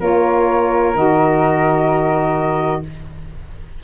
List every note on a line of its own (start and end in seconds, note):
0.00 0.95 A#3
0.00 0.94 F4
0.00 2.82 A#4
0.00 0.96 C#5
0.95 2.82 D#3
0.95 2.83 F#4
0.95 2.84 D#5